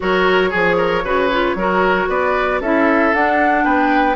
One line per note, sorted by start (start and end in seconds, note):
0.00 0.53 F#3
0.00 0.51 F#4
0.00 0.50 A#4
0.00 2.09 C#5
0.50 1.04 F3
0.50 0.76 G#4
0.50 1.03 G#4
0.77 1.03 A#4
1.04 1.54 C#3
1.04 1.30 F#4
1.04 1.56 B4
1.31 1.57 F4
1.54 2.07 F#3
1.54 2.62 F#4
1.54 2.08 A#4
2.08 2.60 B3
2.08 2.60 B4
2.08 2.61 D5
2.60 3.12 C#4
2.60 3.14 E4
2.60 3.64 A4
2.60 3.14 E5
3.14 3.64 D4
3.14 4.15 D4
3.14 3.64 F#5
3.64 4.15 B3
3.64 4.15 B4
3.64 4.15 G5